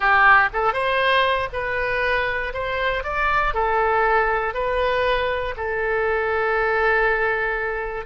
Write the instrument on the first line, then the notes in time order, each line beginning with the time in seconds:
oboe
0.00 G4
0.53 A4
0.73 C5
1.52 B4
2.53 C5
3.03 D5
3.53 A4
4.54 B4
5.56 A4